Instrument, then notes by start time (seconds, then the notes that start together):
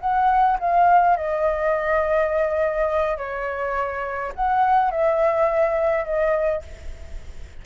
flute
0.00 F#5
0.59 F5
1.16 D#5
3.17 C#5
4.35 F#5
4.91 E5
6.04 D#5